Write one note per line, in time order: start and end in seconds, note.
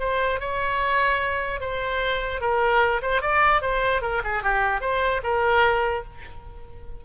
0.00 0.40 C5
0.40 1.61 C#5
1.61 2.41 C5
2.41 3.02 A#4
3.02 3.22 C5
3.22 3.62 D5
3.62 4.02 C5
4.02 4.22 A#4
4.24 4.43 G#4
4.43 4.81 G4
4.81 5.21 C5
5.23 6.04 A#4